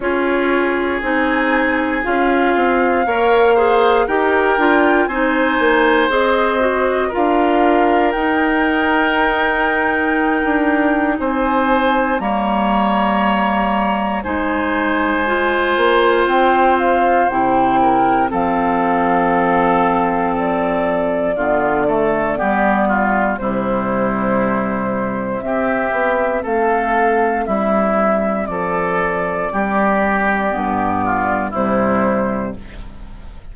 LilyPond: <<
  \new Staff \with { instrumentName = "flute" } { \time 4/4 \tempo 4 = 59 cis''4 gis''4 f''2 | g''4 gis''4 dis''4 f''4 | g''2. gis''4 | ais''2 gis''2 |
g''8 f''8 g''4 f''2 | d''2. c''4~ | c''4 e''4 f''4 e''4 | d''2. c''4 | }
  \new Staff \with { instrumentName = "oboe" } { \time 4/4 gis'2. cis''8 c''8 | ais'4 c''2 ais'4~ | ais'2. c''4 | cis''2 c''2~ |
c''4. ais'8 a'2~ | a'4 f'8 a'8 g'8 f'8 e'4~ | e'4 g'4 a'4 e'4 | a'4 g'4. f'8 e'4 | }
  \new Staff \with { instrumentName = "clarinet" } { \time 4/4 f'4 dis'4 f'4 ais'8 gis'8 | g'8 f'8 dis'4 gis'8 fis'8 f'4 | dis'1 | ais2 dis'4 f'4~ |
f'4 e'4 c'2~ | c'4 b8 a8 b4 g4~ | g4 c'2.~ | c'2 b4 g4 | }
  \new Staff \with { instrumentName = "bassoon" } { \time 4/4 cis'4 c'4 cis'8 c'8 ais4 | dis'8 d'8 c'8 ais8 c'4 d'4 | dis'2~ dis'16 d'8. c'4 | g2 gis4. ais8 |
c'4 c4 f2~ | f4 d4 g4 c4~ | c4 c'8 b8 a4 g4 | f4 g4 g,4 c4 | }
>>